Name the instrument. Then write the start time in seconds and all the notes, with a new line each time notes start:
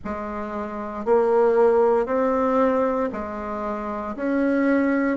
bassoon
0.04 G#3
1.05 A#3
2.05 C4
3.12 G#3
4.16 C#4